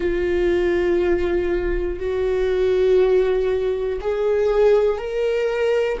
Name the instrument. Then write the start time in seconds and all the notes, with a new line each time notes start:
viola
0.00 F4
1.99 F#4
4.00 G#4
4.97 A#4